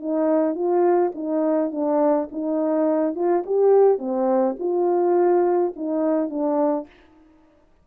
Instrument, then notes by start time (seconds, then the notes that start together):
horn
0.00 D#4
0.55 F4
1.15 D#4
1.71 D4
2.31 D#4
3.15 F4
3.46 G4
3.98 C4
4.59 F4
5.76 D#4
6.29 D4